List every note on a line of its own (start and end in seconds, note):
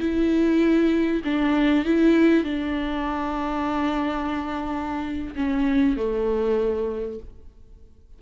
0.00 1.22 E4
1.25 1.85 D4
1.85 2.44 E4
2.44 5.35 D4
5.36 5.97 C#4
5.97 7.20 A3